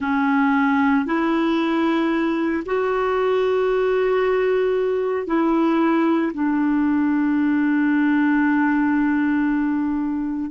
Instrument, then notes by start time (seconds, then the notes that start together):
clarinet
0.00 C#4
1.05 E4
2.66 F#4
5.26 E4
6.33 D4